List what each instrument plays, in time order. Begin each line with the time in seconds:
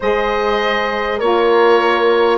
0.00 bassoon G#3, saxophone G#4, horn C5, oboe D#5
1.18 bassoon A#3, saxophone F4, horn A#4, oboe C#5